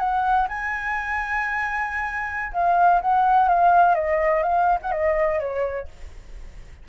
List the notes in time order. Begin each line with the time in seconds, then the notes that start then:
0.00 F#5
0.48 G#5
2.53 F5
3.02 F#5
3.49 F5
3.95 D#5
4.43 F5
4.82 F#5
4.92 D#5
5.40 C#5